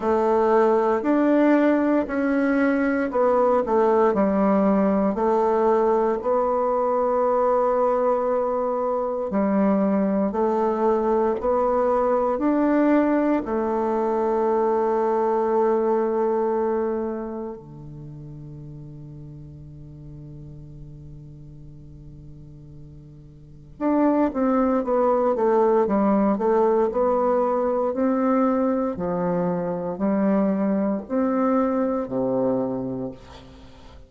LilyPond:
\new Staff \with { instrumentName = "bassoon" } { \time 4/4 \tempo 4 = 58 a4 d'4 cis'4 b8 a8 | g4 a4 b2~ | b4 g4 a4 b4 | d'4 a2.~ |
a4 d2.~ | d2. d'8 c'8 | b8 a8 g8 a8 b4 c'4 | f4 g4 c'4 c4 | }